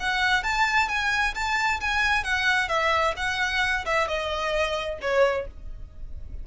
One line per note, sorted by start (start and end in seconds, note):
0.00 0.44 F#5
0.44 0.89 A5
0.89 1.35 G#5
1.35 1.80 A5
1.81 2.24 G#5
2.24 2.69 F#5
2.69 3.14 E5
3.17 3.85 F#5
3.86 4.08 E5
4.08 4.99 D#5
5.02 5.47 C#5